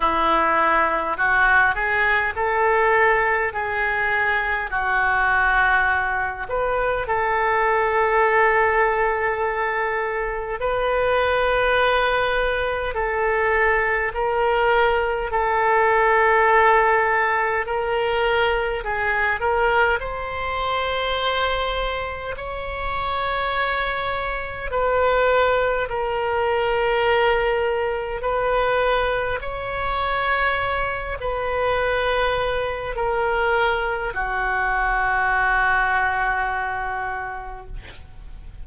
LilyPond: \new Staff \with { instrumentName = "oboe" } { \time 4/4 \tempo 4 = 51 e'4 fis'8 gis'8 a'4 gis'4 | fis'4. b'8 a'2~ | a'4 b'2 a'4 | ais'4 a'2 ais'4 |
gis'8 ais'8 c''2 cis''4~ | cis''4 b'4 ais'2 | b'4 cis''4. b'4. | ais'4 fis'2. | }